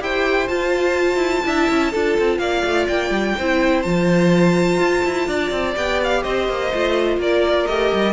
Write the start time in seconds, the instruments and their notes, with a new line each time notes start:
0.00 cello E4, viola G4, violin C5 G5
0.48 viola F4, cello F4, violin A5
1.17 cello E4
1.44 cello D4, viola E4, violin E5
1.70 cello C#4
1.91 cello D4, viola F4, violin A4
2.19 cello C4
2.38 cello A#3, violin D5 F5
2.64 cello A3
2.88 cello A#3, violin G5
3.10 cello G3
3.37 cello C4, viola E4, violin C5
3.82 cello F3, viola F4, violin A5
4.80 cello F4
5.05 cello E4
5.27 cello D4, violin D5
5.51 cello C4
5.75 cello B3, viola G4, violin G5
6.04 violin F5
6.23 cello C4, violin C5 D#5
6.48 cello A#3
6.74 cello A3, viola F4
7.17 cello A#3, violin A#4 D5
7.67 cello A3, viola G4, violin D#5
7.93 cello G3